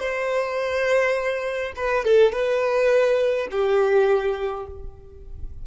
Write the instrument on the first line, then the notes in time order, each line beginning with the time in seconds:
violin
0.00 C5
1.76 B4
2.05 A4
2.33 B4
3.51 G4